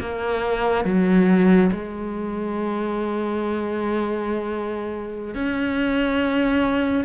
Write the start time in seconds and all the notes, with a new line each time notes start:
0.00 A#3
0.85 F#3
1.72 G#3
5.35 C#4